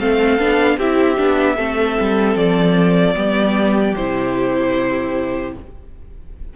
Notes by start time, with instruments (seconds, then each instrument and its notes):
0.00 cello A3, viola C4, violin A4 F5
0.39 cello B3, viola D4
0.77 cello C4, viola E4, violin G4 E5
1.17 cello B3, viola D4
1.57 cello A3, viola C4, violin A4
2.00 cello G3
2.36 cello F3, violin D5
3.15 cello G3, viola B3, violin G4
3.95 cello C3, viola E4, violin C5